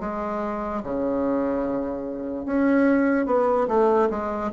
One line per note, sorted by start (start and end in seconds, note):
0.00 0.82 G#3
0.83 2.45 C#3
2.45 3.26 C#4
3.26 3.67 B3
3.68 4.09 A3
4.10 4.51 G#3